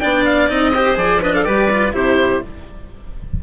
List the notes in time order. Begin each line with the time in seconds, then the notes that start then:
0.00 B3 D4 D5 G5
0.25 F5
0.48 C4 D#4 D#5
0.75 G4 C5
0.96 F3 G#4 D5
1.22 D4 B4 D#5
1.35 A4 F5
1.44 G3 G4 B4 D5
1.70 F4
1.93 C3 E4 G4 C5